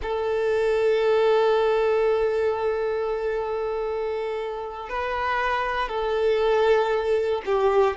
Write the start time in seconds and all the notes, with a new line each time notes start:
0.02 A4
4.89 B4
5.88 A4
7.45 G4